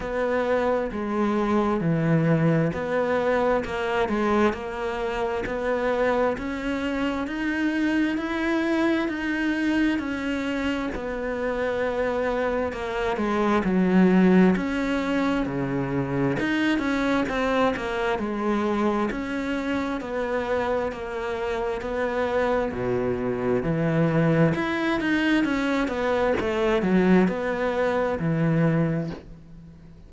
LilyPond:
\new Staff \with { instrumentName = "cello" } { \time 4/4 \tempo 4 = 66 b4 gis4 e4 b4 | ais8 gis8 ais4 b4 cis'4 | dis'4 e'4 dis'4 cis'4 | b2 ais8 gis8 fis4 |
cis'4 cis4 dis'8 cis'8 c'8 ais8 | gis4 cis'4 b4 ais4 | b4 b,4 e4 e'8 dis'8 | cis'8 b8 a8 fis8 b4 e4 | }